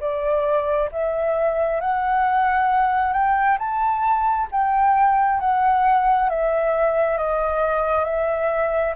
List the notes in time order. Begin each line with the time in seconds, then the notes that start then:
0.00 D5
0.92 E5
1.80 F#5
3.13 G5
3.59 A5
4.51 G5
5.40 F#5
6.30 E5
7.18 D#5
8.05 E5